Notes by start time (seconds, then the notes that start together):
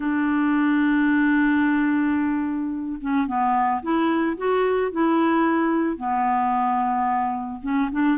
0.00 D4
3.01 C#4
3.27 B3
3.82 E4
4.37 F#4
4.91 E4
5.96 B3
7.62 C#4
7.91 D4